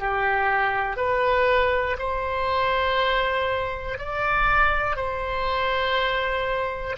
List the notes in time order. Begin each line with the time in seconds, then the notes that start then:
0.00 G4
0.97 B4
1.99 C5
3.99 D5
4.97 C5